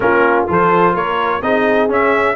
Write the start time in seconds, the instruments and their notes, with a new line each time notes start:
0.00 tuba A#3, trombone C#4, horn F4, trumpet A#4
0.47 tuba F3, trombone F4, horn A4, trumpet C5
0.92 tuba A#3, horn A#4, trumpet C#5
1.42 tuba C4, trombone D#4, horn G#4, trumpet D#5
1.88 trombone C#4, tuba C#4, trumpet E5